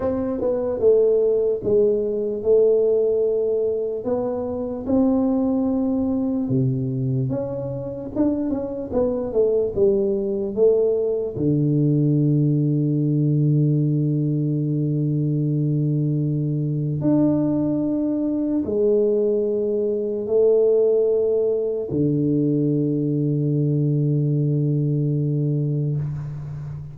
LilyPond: \new Staff \with { instrumentName = "tuba" } { \time 4/4 \tempo 4 = 74 c'8 b8 a4 gis4 a4~ | a4 b4 c'2 | c4 cis'4 d'8 cis'8 b8 a8 | g4 a4 d2~ |
d1~ | d4 d'2 gis4~ | gis4 a2 d4~ | d1 | }